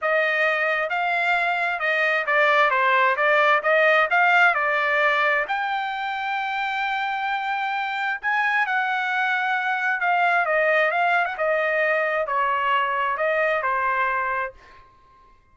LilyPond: \new Staff \with { instrumentName = "trumpet" } { \time 4/4 \tempo 4 = 132 dis''2 f''2 | dis''4 d''4 c''4 d''4 | dis''4 f''4 d''2 | g''1~ |
g''2 gis''4 fis''4~ | fis''2 f''4 dis''4 | f''8. fis''16 dis''2 cis''4~ | cis''4 dis''4 c''2 | }